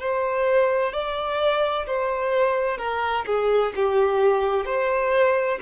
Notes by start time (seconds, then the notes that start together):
0.00 C5
0.92 D5
1.87 C5
2.78 A#4
3.26 G#4
3.76 G4
4.65 C5